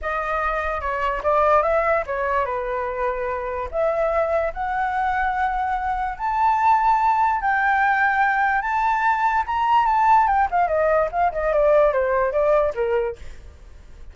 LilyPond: \new Staff \with { instrumentName = "flute" } { \time 4/4 \tempo 4 = 146 dis''2 cis''4 d''4 | e''4 cis''4 b'2~ | b'4 e''2 fis''4~ | fis''2. a''4~ |
a''2 g''2~ | g''4 a''2 ais''4 | a''4 g''8 f''8 dis''4 f''8 dis''8 | d''4 c''4 d''4 ais'4 | }